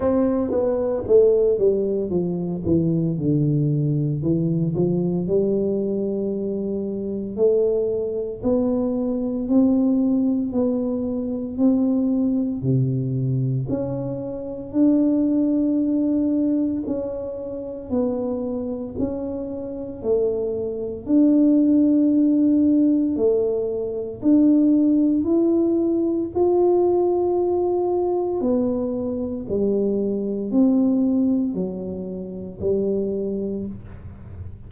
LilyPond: \new Staff \with { instrumentName = "tuba" } { \time 4/4 \tempo 4 = 57 c'8 b8 a8 g8 f8 e8 d4 | e8 f8 g2 a4 | b4 c'4 b4 c'4 | c4 cis'4 d'2 |
cis'4 b4 cis'4 a4 | d'2 a4 d'4 | e'4 f'2 b4 | g4 c'4 fis4 g4 | }